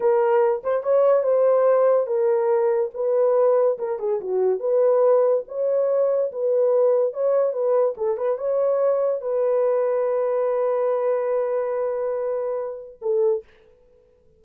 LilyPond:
\new Staff \with { instrumentName = "horn" } { \time 4/4 \tempo 4 = 143 ais'4. c''8 cis''4 c''4~ | c''4 ais'2 b'4~ | b'4 ais'8 gis'8 fis'4 b'4~ | b'4 cis''2 b'4~ |
b'4 cis''4 b'4 a'8 b'8 | cis''2 b'2~ | b'1~ | b'2. a'4 | }